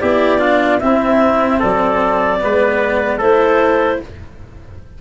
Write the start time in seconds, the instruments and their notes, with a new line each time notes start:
0.00 tuba B3, cello E4, trumpet G4, clarinet D5
0.39 cello D4, trumpet F4
0.79 tuba C4, cello C4, trumpet E4, clarinet E5
1.60 tuba F#3, trumpet A4, clarinet D5
2.40 tuba G#3, cello B3, trumpet B4
3.18 tuba A3, cello E4, trumpet A4, clarinet C5